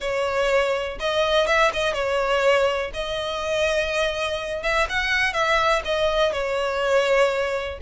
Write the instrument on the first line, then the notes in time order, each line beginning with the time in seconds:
violin
0.00 C#5
0.99 D#5
1.46 E5
1.73 D#5
1.93 C#5
2.93 D#5
4.62 E5
4.89 F#5
5.33 E5
5.84 D#5
6.32 C#5